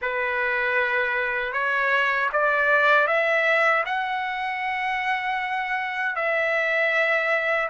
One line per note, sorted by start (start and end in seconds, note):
0.01 1.52 B4
1.52 2.29 C#5
2.32 3.07 D5
3.07 3.84 E5
3.85 6.15 F#5
6.15 7.69 E5